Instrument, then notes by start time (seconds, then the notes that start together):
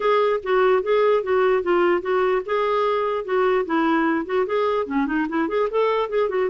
clarinet
0.00 G#4
0.43 F#4
0.82 G#4
1.23 F#4
1.63 F4
2.01 F#4
2.45 G#4
3.24 F#4
3.65 E4
4.25 F#4
4.46 G#4
4.86 C#4
5.06 D#4
5.28 E4
5.48 G#4
5.70 A4
6.09 G#4
6.29 F#4